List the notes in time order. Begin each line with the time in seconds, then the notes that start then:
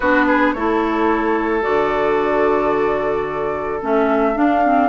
0.00 B3 D4 F#4 B4
0.27 G#4
0.53 A3 E4 A4 C#5
1.61 D3 F#4 D5
3.82 A3 C#4 E5
4.35 D4 F5
4.64 C4